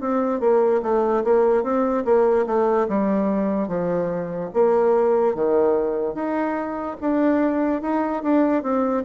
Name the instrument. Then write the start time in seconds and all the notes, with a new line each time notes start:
bassoon
0.00 C4
0.40 A#3
0.82 A3
1.23 A#3
1.63 C4
2.04 A#3
2.46 A3
2.88 G3
3.68 F3
4.53 A#3
5.34 D#3
6.14 D#4
7.00 D4
7.81 D#4
8.23 D4
8.62 C4